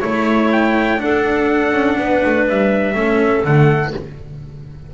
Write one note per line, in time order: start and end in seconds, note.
0.00 1.02 A3
0.00 0.97 E4
0.00 0.49 C#5
0.00 1.03 C#5
0.52 1.01 G5
0.97 2.92 D4
0.97 1.72 D4
0.97 1.99 A4
0.97 2.47 F#5
1.72 1.97 C#4
1.99 2.23 B3
1.99 2.95 B4
2.25 2.49 A3
2.49 2.95 G3
2.49 3.45 E5
2.95 3.44 A3
2.95 3.45 C#4
2.95 3.93 A4
3.45 3.94 D3
3.45 3.94 A3
3.45 3.94 F#5